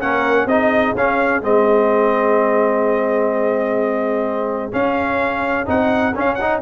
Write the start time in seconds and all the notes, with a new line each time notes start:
0.00 A#3 C#4 A#4 F#5
0.45 C4 D#4 G#4 D#5
0.94 C#4 F5
1.41 G#3 C4 D#5
4.72 C#4 F5
5.65 C4 D#4 F#5
6.14 C#4 F5
6.34 F#5
6.41 D#4